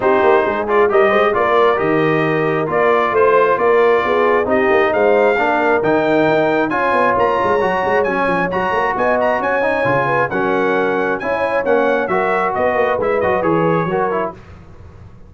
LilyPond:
<<
  \new Staff \with { instrumentName = "trumpet" } { \time 4/4 \tempo 4 = 134 c''4. d''8 dis''4 d''4 | dis''2 d''4 c''4 | d''2 dis''4 f''4~ | f''4 g''2 gis''4 |
ais''2 gis''4 ais''4 | gis''8 ais''8 gis''2 fis''4~ | fis''4 gis''4 fis''4 e''4 | dis''4 e''8 dis''8 cis''2 | }
  \new Staff \with { instrumentName = "horn" } { \time 4/4 g'4 gis'4 ais'8 c''8 ais'4~ | ais'2. c''4 | ais'4 gis'4 g'4 c''4 | ais'2. cis''4~ |
cis''1 | dis''4 cis''4. b'8 ais'4~ | ais'4 cis''2 ais'4 | b'2. ais'4 | }
  \new Staff \with { instrumentName = "trombone" } { \time 4/4 dis'4. f'8 g'4 f'4 | g'2 f'2~ | f'2 dis'2 | d'4 dis'2 f'4~ |
f'4 fis'4 cis'4 fis'4~ | fis'4. dis'8 f'4 cis'4~ | cis'4 e'4 cis'4 fis'4~ | fis'4 e'8 fis'8 gis'4 fis'8 e'8 | }
  \new Staff \with { instrumentName = "tuba" } { \time 4/4 c'8 ais8 gis4 g8 gis8 ais4 | dis2 ais4 a4 | ais4 b4 c'8 ais8 gis4 | ais4 dis4 dis'4 cis'8 b8 |
ais8 gis8 fis8 gis8 fis8 f8 fis8 ais8 | b4 cis'4 cis4 fis4~ | fis4 cis'4 ais4 fis4 | b8 ais8 gis8 fis8 e4 fis4 | }
>>